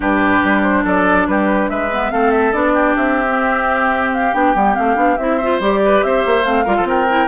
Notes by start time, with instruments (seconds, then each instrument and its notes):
0.00 bassoon G2, clarinet D4, oboe G4, flute B4
0.43 bassoon G3
0.62 flute C5
0.84 bassoon F#3, oboe A4, flute D5
1.27 bassoon G3, oboe G4, flute B4
1.69 bassoon G#3, oboe B4, flute E5
1.91 clarinet B3
2.11 bassoon A3, clarinet C4, oboe A4, flute F5
2.31 flute E5
2.52 bassoon B3, clarinet D4, flute D5
2.73 oboe G4
2.95 bassoon C4, flute E5
3.29 clarinet C4
4.12 flute F5
4.33 bassoon B3, clarinet D4, flute G5
4.54 bassoon G3, clarinet B3
4.75 bassoon A3, clarinet C4, flute F5
4.95 bassoon B3, clarinet D4
5.17 bassoon C4, clarinet E4, flute E5
5.37 clarinet F4, oboe C5
5.59 bassoon G3, clarinet G4, flute D5
5.84 oboe B4
6.03 bassoon C4, oboe C5, flute E5
6.25 bassoon A#3
6.43 bassoon A3, clarinet C4, flute F5
6.65 bassoon G3, clarinet F4, oboe A#4
6.76 bassoon F3, oboe A4
6.84 bassoon C4, oboe A#4, flute G5
7.09 clarinet E4